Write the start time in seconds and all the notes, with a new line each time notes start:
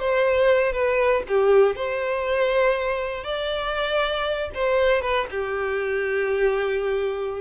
0.00 C5
0.73 B4
1.29 G4
1.76 C5
3.25 D5
4.55 C5
5.02 B4
5.31 G4